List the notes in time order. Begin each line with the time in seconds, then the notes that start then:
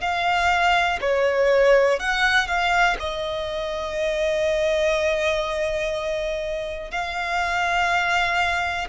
0.00 F5
1.01 C#5
1.99 F#5
2.47 F5
2.99 D#5
6.91 F5